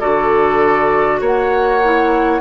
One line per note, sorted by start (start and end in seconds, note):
0.00 1.21 D3
0.00 1.81 F#4
0.00 1.20 A4
0.00 1.20 D5
1.21 2.41 A#3
1.21 2.41 C#5
1.21 2.41 F#5
1.84 2.41 E4